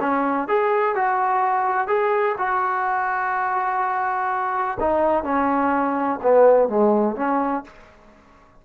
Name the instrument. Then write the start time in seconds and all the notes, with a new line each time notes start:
trombone
0.00 C#4
0.48 G#4
0.95 F#4
1.88 G#4
2.38 F#4
4.80 D#4
5.24 C#4
6.22 B3
6.69 G#3
7.16 C#4